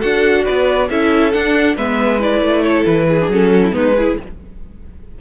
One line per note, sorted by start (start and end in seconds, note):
0.00 0.48 D4
0.00 0.89 F#4
0.00 0.44 A4
0.00 0.45 F#5
0.45 0.91 B3
0.45 0.88 B4
0.45 0.89 D5
0.90 1.34 C#4
0.90 1.33 E4
0.90 1.76 A4
0.90 1.33 E5
1.33 1.77 D4
1.33 1.77 F#5
1.76 2.41 G#3
1.76 2.20 B3
1.76 2.62 B4
1.76 2.21 E5
2.20 3.19 E4
2.20 2.62 D5
2.41 2.85 A3
2.62 3.06 A4
2.62 2.84 C#5
2.86 3.28 E3
2.86 3.30 B4
3.09 3.52 G#4
3.21 3.32 D4
3.28 3.72 F#3
3.28 3.72 C#4
3.28 3.75 A4
3.54 3.64 F#4
3.64 3.75 E4
3.72 4.18 G#3
3.72 3.94 B3
3.72 3.97 D#4
3.72 4.19 B4
3.97 4.21 E4
3.97 4.18 G#4